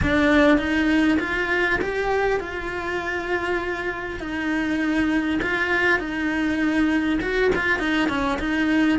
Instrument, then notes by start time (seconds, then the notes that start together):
cello
0.02 D4
0.58 D#4
1.19 F4
1.81 G4
2.40 F4
4.20 D#4
5.42 F4
5.99 D#4
7.21 F#4
7.55 F4
7.79 D#4
8.08 C#4
8.39 D#4